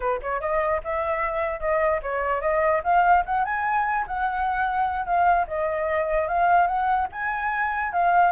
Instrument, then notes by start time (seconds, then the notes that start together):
flute
0.00 B4
0.22 C#5
0.40 D#5
0.83 E5
1.60 D#5
2.02 C#5
2.41 D#5
2.83 F5
3.25 F#5
3.45 G#5
4.07 F#5
5.05 F5
5.47 D#5
6.28 F5
6.67 F#5
7.12 G#5
7.92 F5